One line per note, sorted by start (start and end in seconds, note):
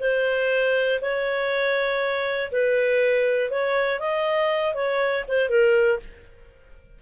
0.00 1.00 C5
1.01 2.51 C#5
2.52 3.50 B4
3.50 4.00 C#5
4.00 4.74 D#5
4.74 5.24 C#5
5.28 5.49 C5
5.49 5.99 A#4